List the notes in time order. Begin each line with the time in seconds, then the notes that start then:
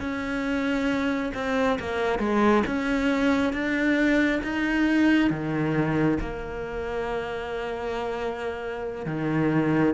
0.00 C#4
1.35 C4
1.80 A#3
2.19 G#3
2.67 C#4
3.53 D4
4.44 D#4
5.31 D#3
6.21 A#3
9.06 D#3